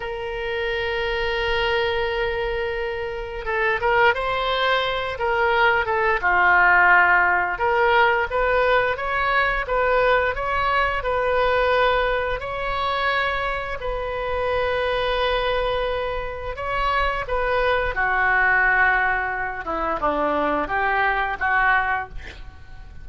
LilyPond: \new Staff \with { instrumentName = "oboe" } { \time 4/4 \tempo 4 = 87 ais'1~ | ais'4 a'8 ais'8 c''4. ais'8~ | ais'8 a'8 f'2 ais'4 | b'4 cis''4 b'4 cis''4 |
b'2 cis''2 | b'1 | cis''4 b'4 fis'2~ | fis'8 e'8 d'4 g'4 fis'4 | }